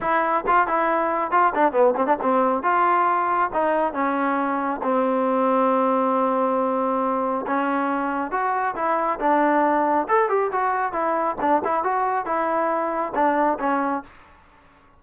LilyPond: \new Staff \with { instrumentName = "trombone" } { \time 4/4 \tempo 4 = 137 e'4 f'8 e'4. f'8 d'8 | b8 c'16 d'16 c'4 f'2 | dis'4 cis'2 c'4~ | c'1~ |
c'4 cis'2 fis'4 | e'4 d'2 a'8 g'8 | fis'4 e'4 d'8 e'8 fis'4 | e'2 d'4 cis'4 | }